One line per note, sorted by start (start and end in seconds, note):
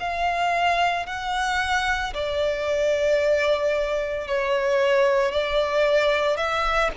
0.00 1.07 F5
1.07 2.14 F#5
2.14 4.28 D5
4.28 5.32 C#5
5.32 6.37 D5
6.37 6.91 E5